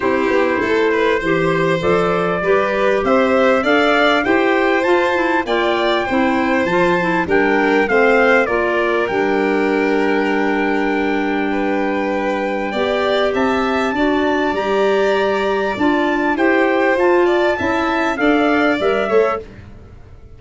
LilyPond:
<<
  \new Staff \with { instrumentName = "trumpet" } { \time 4/4 \tempo 4 = 99 c''2. d''4~ | d''4 e''4 f''4 g''4 | a''4 g''2 a''4 | g''4 f''4 d''4 g''4~ |
g''1~ | g''2 a''2 | ais''2 a''4 g''4 | a''2 f''4 e''4 | }
  \new Staff \with { instrumentName = "violin" } { \time 4/4 g'4 a'8 b'8 c''2 | b'4 c''4 d''4 c''4~ | c''4 d''4 c''2 | ais'4 c''4 ais'2~ |
ais'2. b'4~ | b'4 d''4 e''4 d''4~ | d''2. c''4~ | c''8 d''8 e''4 d''4. cis''8 | }
  \new Staff \with { instrumentName = "clarinet" } { \time 4/4 e'2 g'4 a'4 | g'2 a'4 g'4 | f'8 e'8 f'4 e'4 f'8 e'8 | d'4 c'4 f'4 d'4~ |
d'1~ | d'4 g'2 fis'4 | g'2 f'4 g'4 | f'4 e'4 a'4 ais'8 a'8 | }
  \new Staff \with { instrumentName = "tuba" } { \time 4/4 c'8 b8 a4 e4 f4 | g4 c'4 d'4 e'4 | f'4 ais4 c'4 f4 | g4 a4 ais4 g4~ |
g1~ | g4 b4 c'4 d'4 | g2 d'4 e'4 | f'4 cis'4 d'4 g8 a8 | }
>>